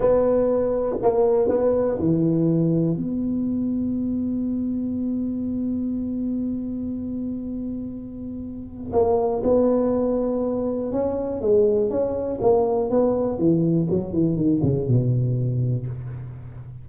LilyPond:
\new Staff \with { instrumentName = "tuba" } { \time 4/4 \tempo 4 = 121 b2 ais4 b4 | e2 b2~ | b1~ | b1~ |
b2 ais4 b4~ | b2 cis'4 gis4 | cis'4 ais4 b4 e4 | fis8 e8 dis8 cis8 b,2 | }